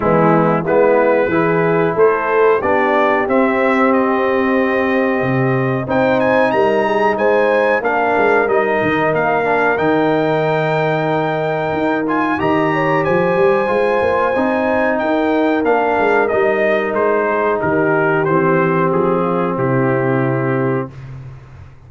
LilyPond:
<<
  \new Staff \with { instrumentName = "trumpet" } { \time 4/4 \tempo 4 = 92 e'4 b'2 c''4 | d''4 e''4 dis''2~ | dis''4 g''8 gis''8 ais''4 gis''4 | f''4 dis''4 f''4 g''4~ |
g''2~ g''8 gis''8 ais''4 | gis''2. g''4 | f''4 dis''4 c''4 ais'4 | c''4 gis'4 g'2 | }
  \new Staff \with { instrumentName = "horn" } { \time 4/4 b4 e'4 gis'4 a'4 | g'1~ | g'4 c''4 ais'8 gis'8 c''4 | ais'1~ |
ais'2. dis''8 cis''8 | c''2. ais'4~ | ais'2~ ais'8 gis'8 g'4~ | g'4. f'8 e'2 | }
  \new Staff \with { instrumentName = "trombone" } { \time 4/4 gis4 b4 e'2 | d'4 c'2.~ | c'4 dis'2. | d'4 dis'4. d'8 dis'4~ |
dis'2~ dis'8 f'8 g'4~ | g'4 f'4 dis'2 | d'4 dis'2. | c'1 | }
  \new Staff \with { instrumentName = "tuba" } { \time 4/4 e4 gis4 e4 a4 | b4 c'2. | c4 c'4 g4 gis4 | ais8 gis8 g8 dis8 ais4 dis4~ |
dis2 dis'4 dis4 | f8 g8 gis8 ais8 c'4 dis'4 | ais8 gis8 g4 gis4 dis4 | e4 f4 c2 | }
>>